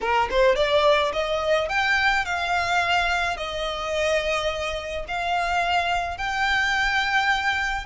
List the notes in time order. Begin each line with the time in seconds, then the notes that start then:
0.00 A#4
0.30 C5
0.55 D5
1.12 D#5
1.68 G5
2.25 F5
3.36 D#5
5.07 F5
6.17 G5